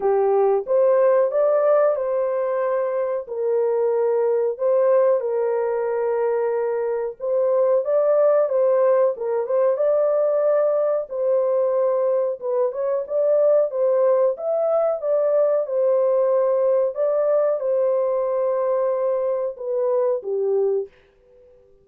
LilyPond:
\new Staff \with { instrumentName = "horn" } { \time 4/4 \tempo 4 = 92 g'4 c''4 d''4 c''4~ | c''4 ais'2 c''4 | ais'2. c''4 | d''4 c''4 ais'8 c''8 d''4~ |
d''4 c''2 b'8 cis''8 | d''4 c''4 e''4 d''4 | c''2 d''4 c''4~ | c''2 b'4 g'4 | }